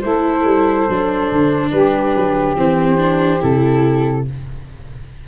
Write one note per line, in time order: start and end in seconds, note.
0.00 0.44 A3
0.00 0.89 E4
0.00 1.71 A4
0.00 1.69 C5
0.44 0.87 G3
0.89 1.31 F#3
0.89 2.56 D4
1.32 1.72 D3
1.71 2.14 G3
1.71 4.25 G4
1.71 2.55 B4
2.15 2.55 F#3
2.55 3.40 E3
2.55 2.98 C4
2.55 3.42 C5
2.98 3.39 D4
3.39 4.27 C3
3.39 4.24 E4
3.39 4.27 A4